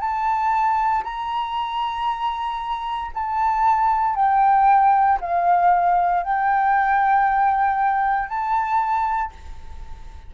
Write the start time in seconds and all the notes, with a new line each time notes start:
0.00 A5
1.04 A#5
3.14 A5
4.15 G5
5.21 F5
6.23 G5
8.28 A5